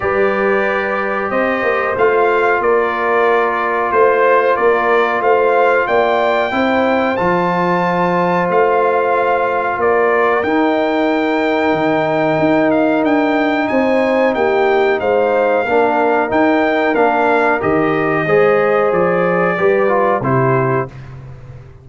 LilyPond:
<<
  \new Staff \with { instrumentName = "trumpet" } { \time 4/4 \tempo 4 = 92 d''2 dis''4 f''4 | d''2 c''4 d''4 | f''4 g''2 a''4~ | a''4 f''2 d''4 |
g''2.~ g''8 f''8 | g''4 gis''4 g''4 f''4~ | f''4 g''4 f''4 dis''4~ | dis''4 d''2 c''4 | }
  \new Staff \with { instrumentName = "horn" } { \time 4/4 b'2 c''2 | ais'2 c''4 ais'4 | c''4 d''4 c''2~ | c''2. ais'4~ |
ais'1~ | ais'4 c''4 g'4 c''4 | ais'1 | c''2 b'4 g'4 | }
  \new Staff \with { instrumentName = "trombone" } { \time 4/4 g'2. f'4~ | f'1~ | f'2 e'4 f'4~ | f'1 |
dis'1~ | dis'1 | d'4 dis'4 d'4 g'4 | gis'2 g'8 f'8 e'4 | }
  \new Staff \with { instrumentName = "tuba" } { \time 4/4 g2 c'8 ais8 a4 | ais2 a4 ais4 | a4 ais4 c'4 f4~ | f4 a2 ais4 |
dis'2 dis4 dis'4 | d'4 c'4 ais4 gis4 | ais4 dis'4 ais4 dis4 | gis4 f4 g4 c4 | }
>>